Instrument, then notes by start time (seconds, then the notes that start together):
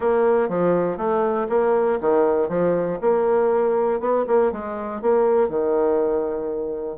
bassoon
0.00 A#3
0.48 F3
0.97 A3
1.49 A#3
2.00 D#3
2.49 F3
3.01 A#3
4.00 B3
4.27 A#3
4.51 G#3
5.01 A#3
5.48 D#3